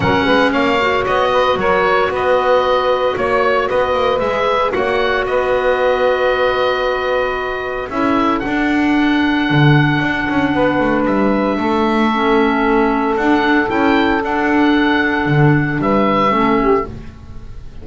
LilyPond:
<<
  \new Staff \with { instrumentName = "oboe" } { \time 4/4 \tempo 4 = 114 fis''4 f''4 dis''4 cis''4 | dis''2 cis''4 dis''4 | e''4 fis''4 dis''2~ | dis''2. e''4 |
fis''1~ | fis''4 e''2.~ | e''4 fis''4 g''4 fis''4~ | fis''2 e''2 | }
  \new Staff \with { instrumentName = "saxophone" } { \time 4/4 ais'8 b'8 cis''4. b'8 ais'4 | b'2 cis''4 b'4~ | b'4 cis''4 b'2~ | b'2. a'4~ |
a'1 | b'2 a'2~ | a'1~ | a'2 b'4 a'8 g'8 | }
  \new Staff \with { instrumentName = "clarinet" } { \time 4/4 cis'4. fis'2~ fis'8~ | fis'1 | gis'4 fis'2.~ | fis'2. e'4 |
d'1~ | d'2. cis'4~ | cis'4 d'4 e'4 d'4~ | d'2. cis'4 | }
  \new Staff \with { instrumentName = "double bass" } { \time 4/4 fis8 gis8 ais4 b4 fis4 | b2 ais4 b8 ais8 | gis4 ais4 b2~ | b2. cis'4 |
d'2 d4 d'8 cis'8 | b8 a8 g4 a2~ | a4 d'4 cis'4 d'4~ | d'4 d4 g4 a4 | }
>>